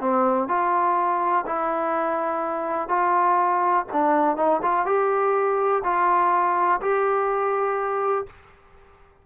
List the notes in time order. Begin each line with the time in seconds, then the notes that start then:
0.00 C4
0.48 F4
1.46 E4
2.89 F4
3.92 D4
4.37 D#4
4.62 F4
4.86 G4
5.84 F4
6.81 G4